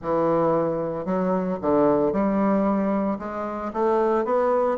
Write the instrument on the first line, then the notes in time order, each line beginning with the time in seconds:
bassoon
0.02 E3
1.05 F#3
1.61 D3
2.12 G3
3.18 G#3
3.73 A3
4.25 B3